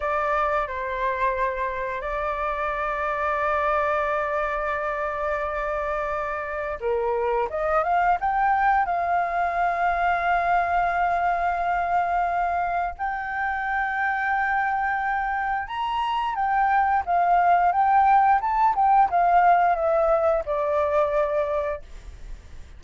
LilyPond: \new Staff \with { instrumentName = "flute" } { \time 4/4 \tempo 4 = 88 d''4 c''2 d''4~ | d''1~ | d''2 ais'4 dis''8 f''8 | g''4 f''2.~ |
f''2. g''4~ | g''2. ais''4 | g''4 f''4 g''4 a''8 g''8 | f''4 e''4 d''2 | }